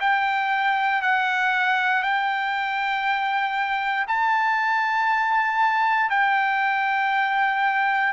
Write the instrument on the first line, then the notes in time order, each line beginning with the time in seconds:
trumpet
0.00 G5
1.01 F#5
2.02 G5
4.07 A5
6.10 G5